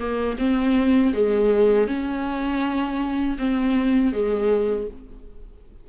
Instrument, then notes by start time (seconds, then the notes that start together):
viola
0.00 A#3
0.39 C4
1.14 G#3
1.88 C#4
3.39 C4
4.13 G#3